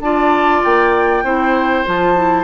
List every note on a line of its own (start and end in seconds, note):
0.00 0.61 D4
0.00 1.24 F4
0.00 1.24 D5
0.00 0.62 A5
0.64 1.23 A#3
0.64 1.86 G5
1.23 1.84 C4
1.23 1.85 E4
1.23 2.44 C5
1.85 2.44 F3
1.85 2.15 F4
1.85 2.44 A5
2.15 2.44 E4